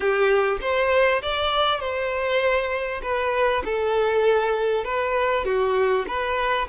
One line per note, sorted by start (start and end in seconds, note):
0.00 0.58 G4
0.61 1.21 C5
1.21 1.80 D5
1.80 3.01 C5
3.02 3.63 B4
3.64 4.84 A4
4.84 5.44 B4
5.44 6.05 F#4
6.07 6.68 B4